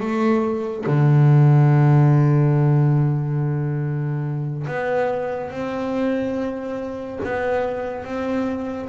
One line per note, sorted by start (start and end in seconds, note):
0.00 0.85 A3
0.86 4.67 D3
4.67 5.51 B3
5.51 7.20 C4
7.24 8.04 B3
8.04 8.89 C4